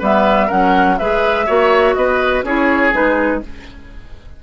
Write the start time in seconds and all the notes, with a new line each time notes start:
0.00 G3 B3 B4 E5
0.47 F#3 C#4 A#4 F#5
0.98 G#3 G#4 B4 E5
1.47 A#3 F#4 C#5
1.95 B3 B4 D#5
2.43 C#4 E4 G#4 C#5
2.92 G#3 D#4 B4